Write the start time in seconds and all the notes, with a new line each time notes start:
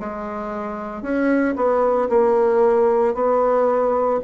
0.00 G#3
1.03 C#4
1.56 B3
2.10 A#3
3.15 B3